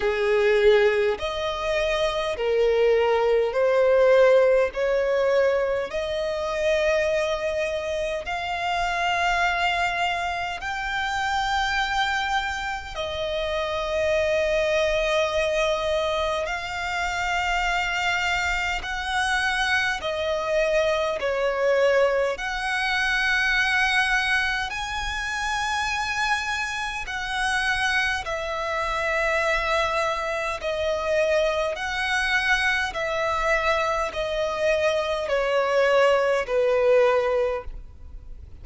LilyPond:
\new Staff \with { instrumentName = "violin" } { \time 4/4 \tempo 4 = 51 gis'4 dis''4 ais'4 c''4 | cis''4 dis''2 f''4~ | f''4 g''2 dis''4~ | dis''2 f''2 |
fis''4 dis''4 cis''4 fis''4~ | fis''4 gis''2 fis''4 | e''2 dis''4 fis''4 | e''4 dis''4 cis''4 b'4 | }